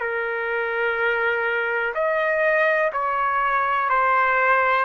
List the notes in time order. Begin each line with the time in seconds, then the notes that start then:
0.00 A#4
1.94 D#5
2.93 C#5
3.89 C5